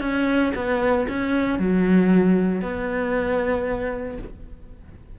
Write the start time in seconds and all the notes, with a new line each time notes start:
0.00 C#4
0.55 B3
1.08 C#4
1.58 F#3
2.61 B3